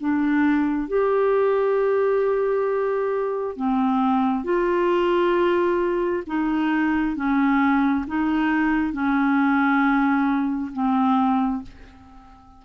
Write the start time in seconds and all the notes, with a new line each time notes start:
0.00 D4
0.88 G4
3.56 C4
4.44 F4
6.27 D#4
7.16 C#4
8.07 D#4
8.93 C#4
10.73 C4